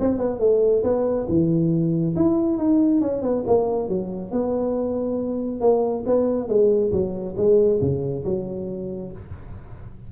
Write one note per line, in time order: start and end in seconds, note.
0.00 0.18 C4
0.18 0.40 B3
0.40 0.83 A3
0.84 1.27 B3
1.29 2.16 E3
2.16 2.58 E4
2.58 3.01 D#4
3.01 3.22 C#4
3.22 3.44 B3
3.47 3.89 A#3
3.89 4.31 F#3
4.31 5.61 B3
5.61 6.04 A#3
6.07 6.48 B3
6.48 6.92 G#3
6.92 7.36 F#3
7.37 7.80 G#3
7.81 8.25 C#3
8.25 9.12 F#3